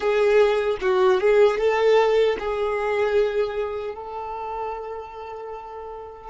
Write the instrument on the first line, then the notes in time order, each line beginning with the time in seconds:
violin
0.00 G#4
0.81 F#4
1.20 G#4
1.58 A4
2.39 G#4
3.94 A4